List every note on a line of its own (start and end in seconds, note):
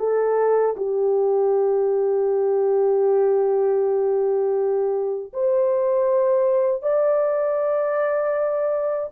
0.00 0.76 A4
0.77 5.33 G4
5.34 6.83 C5
6.83 9.11 D5